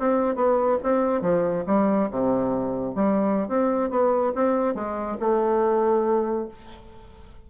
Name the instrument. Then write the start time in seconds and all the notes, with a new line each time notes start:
bassoon
0.00 C4
0.36 B3
0.84 C4
1.22 F3
1.67 G3
2.11 C3
2.96 G3
3.49 C4
3.91 B3
4.36 C4
4.75 G#3
5.20 A3